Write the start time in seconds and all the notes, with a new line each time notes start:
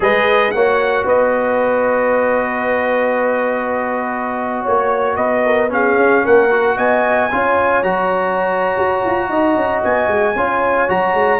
0.00 G#3 G#4 B4 D#5
0.51 A#3 F#4 C#5 F#5
1.05 B3 B4 D#5
4.61 A#3 C#5
5.16 B3 B4 D#5
5.45 A#4
5.69 C#4 G#4 F5
5.96 C#4
6.24 A#3 A#4 F#5
6.50 F#4
6.77 B3 D#5 G#5
7.31 C#4 F4 C#5
7.82 F#3 F#4 A#5
8.77 F#4
9.04 F4
9.28 D#4 D#5
9.55 C#4
9.83 B3 G#5
10.07 G#3
10.35 C#4 F4 C#5
10.88 F#3 F#4 A#5
11.13 G#3